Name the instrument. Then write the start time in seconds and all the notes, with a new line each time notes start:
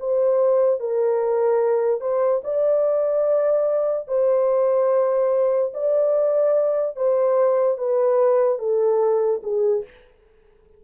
horn
0.00 C5
0.80 A#4
2.01 C5
2.44 D5
4.08 C5
5.74 D5
6.96 C5
7.78 B4
8.59 A4
9.43 G#4